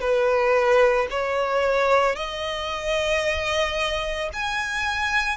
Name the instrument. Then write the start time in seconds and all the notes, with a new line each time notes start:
violin
0.00 B4
1.11 C#5
2.15 D#5
4.33 G#5